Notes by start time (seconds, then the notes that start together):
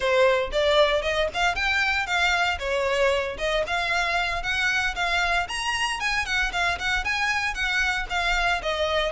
0.00 C5
0.51 D5
1.02 D#5
1.34 F5
1.55 G5
2.06 F5
2.58 C#5
3.38 D#5
3.66 F5
4.42 F#5
4.95 F5
5.48 A#5
6.00 G#5
6.25 F#5
6.52 F5
6.78 F#5
7.04 G#5
7.54 F#5
8.09 F5
8.62 D#5